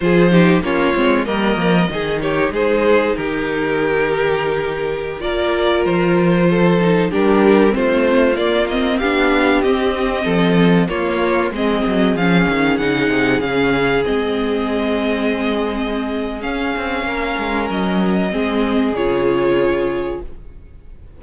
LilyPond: <<
  \new Staff \with { instrumentName = "violin" } { \time 4/4 \tempo 4 = 95 c''4 cis''4 dis''4. cis''8 | c''4 ais'2.~ | ais'16 d''4 c''2 ais'8.~ | ais'16 c''4 d''8 dis''8 f''4 dis''8.~ |
dis''4~ dis''16 cis''4 dis''4 f''8.~ | f''16 fis''4 f''4 dis''4.~ dis''16~ | dis''2 f''2 | dis''2 cis''2 | }
  \new Staff \with { instrumentName = "violin" } { \time 4/4 gis'8 g'8 f'4 ais'4 gis'8 g'8 | gis'4 g'2.~ | g'16 ais'2 a'4 g'8.~ | g'16 f'2 g'4.~ g'16~ |
g'16 a'4 f'4 gis'4.~ gis'16~ | gis'1~ | gis'2. ais'4~ | ais'4 gis'2. | }
  \new Staff \with { instrumentName = "viola" } { \time 4/4 f'8 dis'8 cis'8 c'8 ais4 dis'4~ | dis'1~ | dis'16 f'2~ f'8 dis'8 d'8.~ | d'16 c'4 ais8 c'8 d'4 c'8.~ |
c'4~ c'16 ais4 c'4 cis'8.~ | cis'16 dis'4 cis'4 c'4.~ c'16~ | c'2 cis'2~ | cis'4 c'4 f'2 | }
  \new Staff \with { instrumentName = "cello" } { \time 4/4 f4 ais8 gis8 g8 f8 dis4 | gis4 dis2.~ | dis16 ais4 f2 g8.~ | g16 a4 ais4 b4 c'8.~ |
c'16 f4 ais4 gis8 fis8 f8 dis16~ | dis16 cis8 c8 cis4 gis4.~ gis16~ | gis2 cis'8 c'8 ais8 gis8 | fis4 gis4 cis2 | }
>>